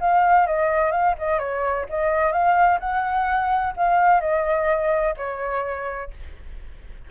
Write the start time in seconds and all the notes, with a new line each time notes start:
0.00 F5
0.46 D#5
0.91 F5
1.18 D#5
1.39 C#5
1.89 D#5
2.32 F5
2.80 F#5
3.76 F5
4.21 D#5
5.17 C#5